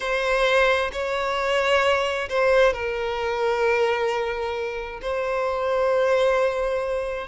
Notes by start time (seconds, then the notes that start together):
0.00 C5
0.92 C#5
2.29 C5
2.73 A#4
5.01 C5